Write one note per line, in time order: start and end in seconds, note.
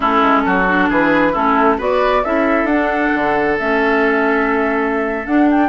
0.00 0.22 A3
0.00 0.66 C#4
0.00 0.42 E4
0.00 0.91 A4
0.22 0.44 G#3
0.45 0.89 F#3
0.45 0.89 F#4
0.67 1.34 D4
0.89 1.34 E3
0.89 1.32 G#4
0.89 1.34 B4
1.32 1.79 A3
1.32 1.78 C#4
1.32 1.77 E4
1.32 1.79 A4
1.77 2.24 B3
1.77 2.23 F#4
1.77 2.22 B4
1.77 2.24 D5
2.24 2.64 C#4
2.24 2.69 E4
2.24 5.69 A4
2.24 2.66 E5
2.64 3.08 D4
2.64 3.58 D4
2.64 3.56 F#5
3.14 3.59 D3
3.58 5.26 A3
3.58 5.26 C#4
3.58 5.26 E5
5.26 5.69 D4
5.26 5.48 F#5
5.50 5.69 G5